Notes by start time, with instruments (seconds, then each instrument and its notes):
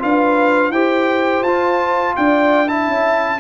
0.00 tuba D4, trombone F4, horn B4, trumpet F5
0.71 tuba E4, trombone G4, horn C5, trumpet G5
1.42 tuba F4, trombone F4, trumpet A5
2.16 tuba D4, horn D5, trumpet G5
2.68 trombone E4, horn E5, trumpet A5
2.88 tuba C#4